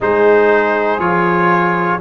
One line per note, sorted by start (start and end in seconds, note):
0.00 0.98 G#3
0.00 0.99 D#4
0.00 2.00 G#4
0.00 0.99 C5
0.98 1.98 F3
0.98 1.99 F4
0.98 1.99 C#5